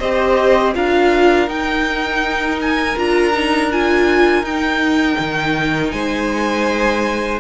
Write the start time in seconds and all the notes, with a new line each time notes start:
0.00 C4 G4 C5 D#5
0.75 D4 F4 A#4 F5
1.48 D#4 G5
2.61 G#5
2.96 D4 F4 A#5
3.34 D#4
3.72 F4 G#5
4.43 D#4 G5
5.19 D#3
5.91 G#3 C5 G#5